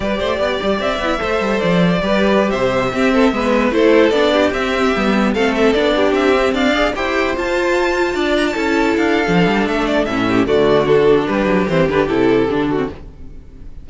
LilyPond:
<<
  \new Staff \with { instrumentName = "violin" } { \time 4/4 \tempo 4 = 149 d''2 e''2 | d''2~ d''16 e''4.~ e''16~ | e''4~ e''16 c''4 d''4 e''8.~ | e''4~ e''16 f''8 e''8 d''4 e''8.~ |
e''16 f''4 g''4 a''4.~ a''16~ | a''8. ais''16 a''4~ a''16 f''4.~ f''16 | e''8 d''8 e''4 d''4 a'4 | b'4 c''8 b'8 a'2 | }
  \new Staff \with { instrumentName = "violin" } { \time 4/4 b'8 c''8 d''2 c''4~ | c''4 b'4~ b'16 c''4 g'8 a'16~ | a'16 b'4 a'4. g'4~ g'16~ | g'4~ g'16 a'4. g'4~ g'16~ |
g'16 d''4 c''2~ c''8.~ | c''16 d''4 a'2~ a'8.~ | a'4. g'8 fis'2 | g'2.~ g'8 fis'8 | }
  \new Staff \with { instrumentName = "viola" } { \time 4/4 g'2~ g'8 e'8 a'4~ | a'4 g'2~ g'16 c'8.~ | c'16 b4 e'4 d'4 c'8.~ | c'16 b4 c'4 d'4. c'16~ |
c'8. gis'8 g'4 f'4.~ f'16~ | f'4~ f'16 e'4.~ e'16 d'4~ | d'4 cis'4 a4 d'4~ | d'4 c'8 d'8 e'4 d'8. c'16 | }
  \new Staff \with { instrumentName = "cello" } { \time 4/4 g8 a8 b8 g8 c'8 b8 a8 g8 | f4 g4~ g16 c4 c'8.~ | c'16 gis4 a4 b4 c'8.~ | c'16 g4 a4 b4 c'8.~ |
c'16 d'4 e'4 f'4.~ f'16~ | f'16 d'4 cis'4 d'8. f8 g8 | a4 a,4 d2 | g8 fis8 e8 d8 c4 d4 | }
>>